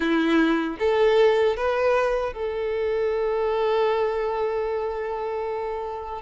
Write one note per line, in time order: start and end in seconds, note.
0.00 0.77 E4
0.79 1.56 A4
1.56 2.33 B4
2.33 6.21 A4